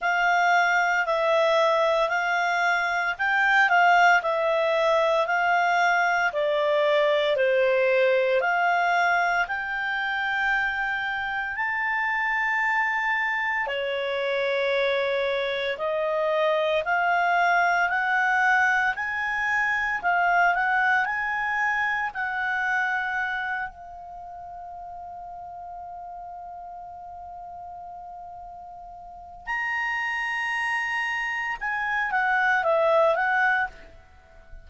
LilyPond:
\new Staff \with { instrumentName = "clarinet" } { \time 4/4 \tempo 4 = 57 f''4 e''4 f''4 g''8 f''8 | e''4 f''4 d''4 c''4 | f''4 g''2 a''4~ | a''4 cis''2 dis''4 |
f''4 fis''4 gis''4 f''8 fis''8 | gis''4 fis''4. f''4.~ | f''1 | ais''2 gis''8 fis''8 e''8 fis''8 | }